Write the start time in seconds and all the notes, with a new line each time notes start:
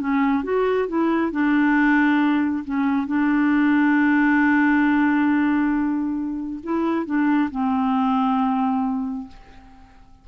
0.00 C#4
0.44 F#4
0.88 E4
1.32 D4
2.64 C#4
3.07 D4
6.64 E4
7.06 D4
7.51 C4